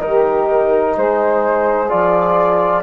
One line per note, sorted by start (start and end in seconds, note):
0.00 0.97 D#3
0.00 1.88 D#4
0.00 0.96 G4
0.00 0.96 A#4
0.96 1.91 G#3
0.96 2.83 G#4
0.96 1.89 C5
1.89 2.83 F3
1.89 2.83 F4
1.89 2.83 D5